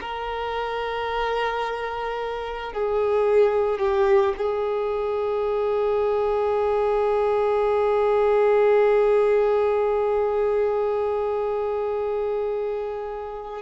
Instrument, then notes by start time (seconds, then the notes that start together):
violin
0.00 A#4
2.73 G#4
3.79 G4
4.37 G#4